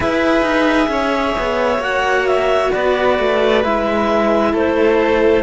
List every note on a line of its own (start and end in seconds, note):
0.00 0.42 E4
0.00 1.79 G#4
0.00 0.87 B4
0.00 1.83 E5
0.42 0.87 D#4
0.88 1.33 C#4
0.88 2.73 C#5
1.37 1.78 B3
1.78 2.69 A#3
1.78 3.61 F#4
1.78 2.26 F#5
2.26 2.72 E5
2.72 3.18 B3
2.72 4.52 B4
2.72 3.63 D5
3.18 3.64 A3
3.63 4.53 G#3
3.63 5.43 E4
3.63 4.54 E5
4.52 5.43 A3
4.52 5.43 A4
4.52 5.43 C5